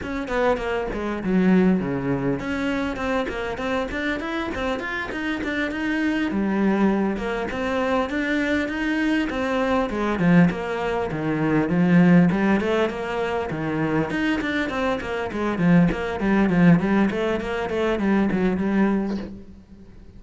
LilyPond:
\new Staff \with { instrumentName = "cello" } { \time 4/4 \tempo 4 = 100 cis'8 b8 ais8 gis8 fis4 cis4 | cis'4 c'8 ais8 c'8 d'8 e'8 c'8 | f'8 dis'8 d'8 dis'4 g4. | ais8 c'4 d'4 dis'4 c'8~ |
c'8 gis8 f8 ais4 dis4 f8~ | f8 g8 a8 ais4 dis4 dis'8 | d'8 c'8 ais8 gis8 f8 ais8 g8 f8 | g8 a8 ais8 a8 g8 fis8 g4 | }